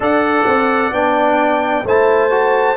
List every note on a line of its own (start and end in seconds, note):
0.00 0.44 D4
0.00 0.92 A4
0.00 1.85 D5
0.00 0.93 F#5
0.46 0.91 C4
0.91 1.84 B3
0.91 1.84 D4
0.91 1.85 G5
1.84 2.76 A3
1.84 2.30 E4
1.84 2.76 C5
1.84 2.76 A5
2.30 2.76 F#4